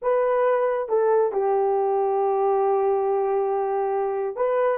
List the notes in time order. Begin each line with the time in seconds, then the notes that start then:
0.02 B4
0.89 A4
1.32 G4
4.36 B4